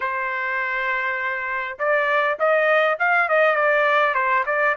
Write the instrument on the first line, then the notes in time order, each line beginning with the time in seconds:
trumpet
0.00 C5
1.78 D5
2.39 D#5
2.99 F5
3.28 D#5
3.55 D5
4.14 C5
4.46 D5